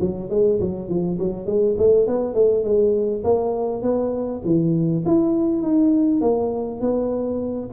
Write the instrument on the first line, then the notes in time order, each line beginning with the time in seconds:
tuba
0.00 F#3
0.30 G#3
0.60 F#3
0.88 F3
1.19 F#3
1.46 G#3
1.78 A3
2.07 B3
2.34 A3
2.64 G#3
3.24 A#3
3.82 B3
4.44 E3
5.05 E4
5.62 D#4
6.21 A#3
6.80 B3